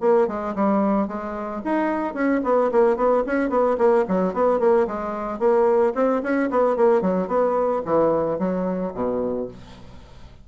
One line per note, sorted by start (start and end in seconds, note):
0.00 0.27 A#3
0.27 0.54 G#3
0.55 1.07 G3
1.07 1.61 G#3
1.64 2.13 D#4
2.13 2.40 C#4
2.43 2.70 B3
2.71 2.96 A#3
2.96 3.23 B3
3.26 3.49 C#4
3.49 3.76 B3
3.77 4.04 A#3
4.08 4.33 F#3
4.33 4.59 B3
4.59 4.86 A#3
4.87 5.39 G#3
5.39 5.93 A#3
5.94 6.21 C4
6.22 6.49 C#4
6.50 6.76 B3
6.76 7.01 A#3
7.01 7.27 F#3
7.27 7.81 B3
7.85 8.39 E3
8.39 8.93 F#3
8.94 9.48 B2